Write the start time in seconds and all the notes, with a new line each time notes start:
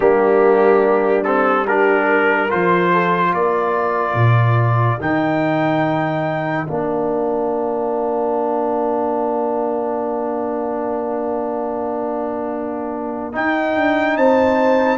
0.00 G3 A#3 D4 G4
1.23 C4 A4
1.67 D4 G4 A#4
2.09 A#4
2.49 F3 F4 C5
2.93 A4
3.29 A#3 A#4 D5
4.14 A#2
5.00 D#3 D#4 G5
6.67 A#3 D4 F5
13.32 D#4 G5
13.76 D4
14.16 C4 C5 A5